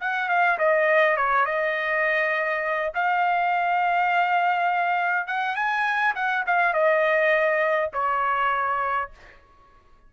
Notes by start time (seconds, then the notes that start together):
0.00 F#5
0.28 F5
0.58 D#5
1.16 C#5
1.45 D#5
2.94 F5
5.27 F#5
5.55 G#5
6.15 F#5
6.46 F5
6.73 D#5
7.93 C#5